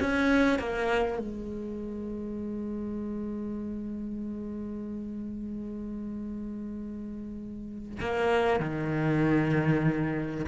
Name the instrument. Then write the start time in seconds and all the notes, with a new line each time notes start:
cello
0.00 C#4
0.59 A#3
1.19 G#3
8.00 A#3
8.60 D#3